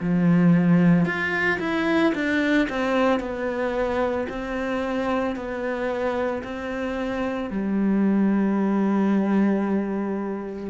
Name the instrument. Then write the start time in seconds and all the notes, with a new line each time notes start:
cello
0.00 F3
1.05 F4
1.59 E4
2.14 D4
2.69 C4
3.19 B3
4.29 C4
5.35 B3
6.43 C4
7.50 G3